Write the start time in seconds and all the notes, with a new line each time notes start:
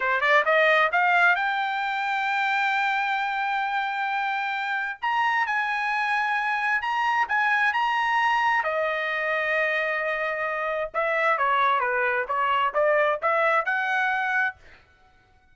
0.00 C5
0.20 D5
0.45 D#5
0.92 F5
1.35 G5
5.01 A#5
5.46 G#5
6.81 A#5
7.28 G#5
7.73 A#5
8.63 D#5
10.94 E5
11.38 C#5
11.80 B4
12.27 C#5
12.74 D5
13.22 E5
13.65 F#5